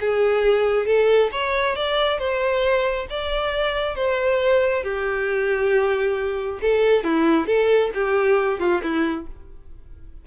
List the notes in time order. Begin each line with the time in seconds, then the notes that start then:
0.00 G#4
0.86 A4
1.32 C#5
1.76 D5
2.18 C5
3.10 D5
3.95 C5
4.83 G4
6.61 A4
7.04 E4
7.46 A4
7.94 G4
8.59 F4
8.82 E4